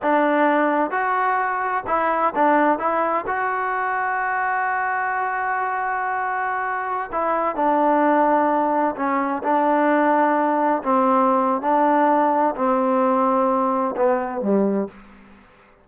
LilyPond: \new Staff \with { instrumentName = "trombone" } { \time 4/4 \tempo 4 = 129 d'2 fis'2 | e'4 d'4 e'4 fis'4~ | fis'1~ | fis'2.~ fis'16 e'8.~ |
e'16 d'2. cis'8.~ | cis'16 d'2. c'8.~ | c'4 d'2 c'4~ | c'2 b4 g4 | }